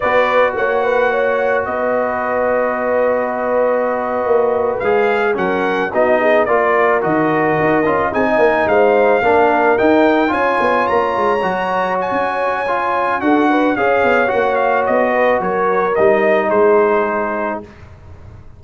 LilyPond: <<
  \new Staff \with { instrumentName = "trumpet" } { \time 4/4 \tempo 4 = 109 d''4 fis''2 dis''4~ | dis''1~ | dis''8. f''4 fis''4 dis''4 d''16~ | d''8. dis''2 gis''4 f''16~ |
f''4.~ f''16 g''4 gis''4 ais''16~ | ais''4.~ ais''16 gis''2~ gis''16 | fis''4 f''4 fis''8 f''8 dis''4 | cis''4 dis''4 c''2 | }
  \new Staff \with { instrumentName = "horn" } { \time 4/4 b'4 cis''8 b'8 cis''4 b'4~ | b'1~ | b'4.~ b'16 ais'4 fis'8 gis'8 ais'16~ | ais'2~ ais'8. gis'16 dis''16 ais'8 c''16~ |
c''8. ais'2 cis''4~ cis''16~ | cis''1 | a'8 b'8 cis''2~ cis''8 b'8 | ais'2 gis'2 | }
  \new Staff \with { instrumentName = "trombone" } { \time 4/4 fis'1~ | fis'1~ | fis'8. gis'4 cis'4 dis'4 f'16~ | f'8. fis'4. f'8 dis'4~ dis'16~ |
dis'8. d'4 dis'4 f'4~ f'16~ | f'8. fis'2~ fis'16 f'4 | fis'4 gis'4 fis'2~ | fis'4 dis'2. | }
  \new Staff \with { instrumentName = "tuba" } { \time 4/4 b4 ais2 b4~ | b2.~ b8. ais16~ | ais8. gis4 fis4 b4 ais16~ | ais8. dis4 dis'8 cis'8 c'8 ais8 gis16~ |
gis8. ais4 dis'4 cis'8 b8 ais16~ | ais16 gis8 fis4~ fis16 cis'2 | d'4 cis'8 b8 ais4 b4 | fis4 g4 gis2 | }
>>